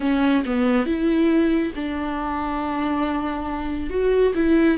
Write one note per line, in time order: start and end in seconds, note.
0.00 0.43 C#4
0.45 0.86 B3
0.86 1.73 E4
1.75 3.90 D4
3.90 4.33 F#4
4.35 4.77 E4